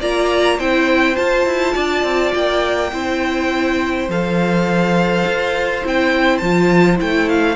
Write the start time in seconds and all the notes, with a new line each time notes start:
0.00 A#3 F4 D5 A#5
0.58 C4 E4 C5 G5
1.15 F4 A5
1.46 E4
1.74 D4 D5
2.03 C4
2.34 A#3 G5
2.92 C4 E4 C5
4.08 F3 A4 F5
5.26 F4
5.83 C4 E4 G5
6.38 F3 F4 A5
6.97 A3 E4 G5
7.29 F5